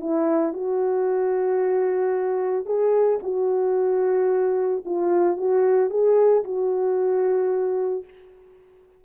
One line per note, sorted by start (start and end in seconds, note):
0.00 0.53 E4
0.53 2.65 F#4
2.65 3.19 G#4
3.22 4.83 F#4
4.85 5.37 F4
5.37 5.90 F#4
5.90 6.43 G#4
6.44 8.04 F#4